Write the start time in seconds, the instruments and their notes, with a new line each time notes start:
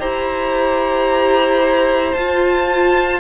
0.00 cello E4, viola G4, violin C5 A#5
2.13 cello F4, viola F4, violin A5